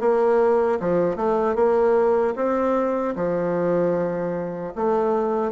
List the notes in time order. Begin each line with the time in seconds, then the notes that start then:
0.00 A#3
0.80 F3
1.16 A3
1.55 A#3
2.36 C4
3.16 F3
4.75 A3